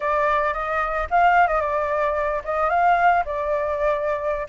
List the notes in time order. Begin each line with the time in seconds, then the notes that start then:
0.00 D5
0.53 D#5
1.10 F5
1.47 D#5
1.61 D5
2.44 D#5
2.69 F5
3.25 D5